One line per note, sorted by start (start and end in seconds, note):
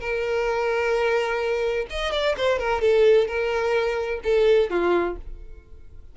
0.00 1.86 A#4
1.90 2.12 D#5
2.12 2.35 D5
2.37 2.59 C5
2.59 2.81 A#4
2.81 3.27 A4
3.27 4.20 A#4
4.23 4.70 A4
4.70 5.16 F4